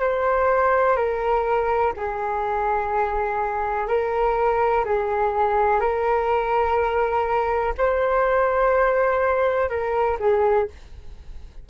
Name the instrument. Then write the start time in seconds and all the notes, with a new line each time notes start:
flute
0.00 C5
0.96 A#4
1.97 G#4
3.88 A#4
4.85 G#4
5.80 A#4
7.78 C5
9.70 A#4
10.20 G#4